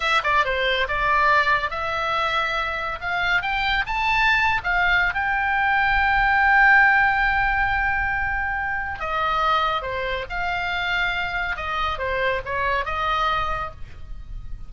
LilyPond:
\new Staff \with { instrumentName = "oboe" } { \time 4/4 \tempo 4 = 140 e''8 d''8 c''4 d''2 | e''2. f''4 | g''4 a''4.~ a''16 f''4~ f''16 | g''1~ |
g''1~ | g''4 dis''2 c''4 | f''2. dis''4 | c''4 cis''4 dis''2 | }